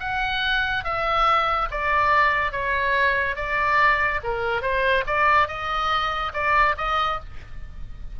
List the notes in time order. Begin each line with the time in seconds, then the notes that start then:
0.00 F#5
0.84 E5
1.71 D5
2.52 C#5
3.36 D5
4.24 A#4
4.62 C5
5.07 D5
5.48 D#5
6.33 D5
6.78 D#5